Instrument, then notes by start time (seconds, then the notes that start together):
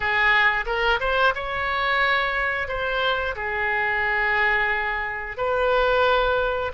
oboe
0.00 G#4
0.66 A#4
1.00 C5
1.34 C#5
2.68 C5
3.35 G#4
5.37 B4